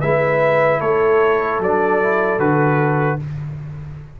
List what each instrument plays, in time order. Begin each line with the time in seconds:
0.00 tuba G#3, trombone E4, horn B4, trumpet E5
0.80 tuba A3, horn A4, trumpet C#5
1.59 tuba F#3, trombone D4, trumpet D5
2.01 trombone E4
2.38 tuba D3, trombone F#4, trumpet B4